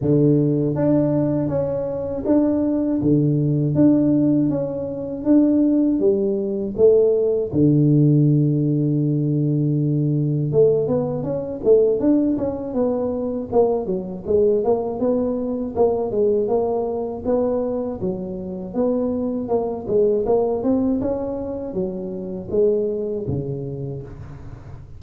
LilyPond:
\new Staff \with { instrumentName = "tuba" } { \time 4/4 \tempo 4 = 80 d4 d'4 cis'4 d'4 | d4 d'4 cis'4 d'4 | g4 a4 d2~ | d2 a8 b8 cis'8 a8 |
d'8 cis'8 b4 ais8 fis8 gis8 ais8 | b4 ais8 gis8 ais4 b4 | fis4 b4 ais8 gis8 ais8 c'8 | cis'4 fis4 gis4 cis4 | }